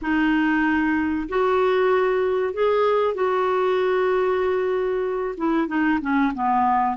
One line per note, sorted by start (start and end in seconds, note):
0.01 1.27 D#4
1.28 2.53 F#4
2.53 3.14 G#4
3.14 5.35 F#4
5.37 5.67 E4
5.67 5.99 D#4
6.01 6.32 C#4
6.34 6.96 B3